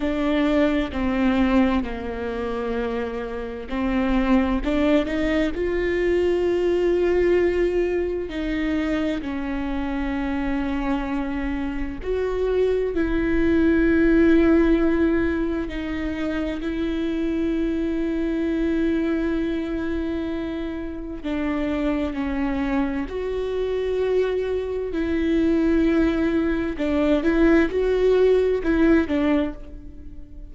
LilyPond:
\new Staff \with { instrumentName = "viola" } { \time 4/4 \tempo 4 = 65 d'4 c'4 ais2 | c'4 d'8 dis'8 f'2~ | f'4 dis'4 cis'2~ | cis'4 fis'4 e'2~ |
e'4 dis'4 e'2~ | e'2. d'4 | cis'4 fis'2 e'4~ | e'4 d'8 e'8 fis'4 e'8 d'8 | }